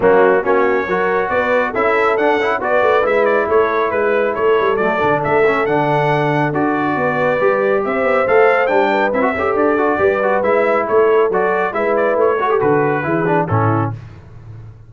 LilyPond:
<<
  \new Staff \with { instrumentName = "trumpet" } { \time 4/4 \tempo 4 = 138 fis'4 cis''2 d''4 | e''4 fis''4 d''4 e''8 d''8 | cis''4 b'4 cis''4 d''4 | e''4 fis''2 d''4~ |
d''2 e''4 f''4 | g''4 e''4 d''2 | e''4 cis''4 d''4 e''8 d''8 | cis''4 b'2 a'4 | }
  \new Staff \with { instrumentName = "horn" } { \time 4/4 cis'4 fis'4 ais'4 b'4 | a'2 b'2 | a'4 b'4 a'2~ | a'1 |
b'2 c''2~ | c''8 b'4 a'4. b'4~ | b'4 a'2 b'4~ | b'8 a'4. gis'4 e'4 | }
  \new Staff \with { instrumentName = "trombone" } { \time 4/4 ais4 cis'4 fis'2 | e'4 d'8 e'8 fis'4 e'4~ | e'2. a8 d'8~ | d'8 cis'8 d'2 fis'4~ |
fis'4 g'2 a'4 | d'4 e'16 fis'16 g'4 fis'8 g'8 fis'8 | e'2 fis'4 e'4~ | e'8 fis'16 g'16 fis'4 e'8 d'8 cis'4 | }
  \new Staff \with { instrumentName = "tuba" } { \time 4/4 fis4 ais4 fis4 b4 | cis'4 d'8 cis'8 b8 a8 gis4 | a4 gis4 a8 g8 fis8 d8 | a4 d2 d'4 |
b4 g4 c'8 b8 a4 | g4 c'8 cis'8 d'4 g4 | gis4 a4 fis4 gis4 | a4 d4 e4 a,4 | }
>>